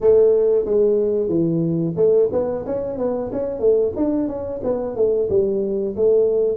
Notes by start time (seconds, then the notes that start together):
0.00 A3
0.65 G#3
1.29 E3
1.96 A3
2.32 B3
2.66 C#4
2.98 B3
3.32 C#4
3.59 A3
3.96 D4
4.27 C#4
4.63 B3
4.96 A3
5.29 G3
5.96 A3